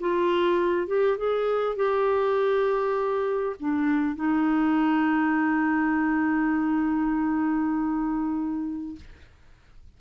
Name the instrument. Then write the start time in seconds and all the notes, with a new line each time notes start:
clarinet
0.00 F4
0.87 G4
1.18 G#4
1.76 G4
3.60 D4
4.16 D#4